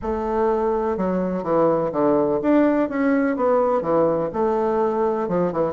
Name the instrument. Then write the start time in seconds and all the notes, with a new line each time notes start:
bassoon
0.02 A3
0.97 F#3
1.43 E3
1.92 D3
2.41 D4
2.89 C#4
3.36 B3
3.81 E3
4.33 A3
5.28 F3
5.52 E3